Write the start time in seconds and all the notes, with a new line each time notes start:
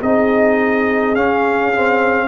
0.00 C4 D#4 G#4 D#5
1.15 C#4 F5
1.74 C4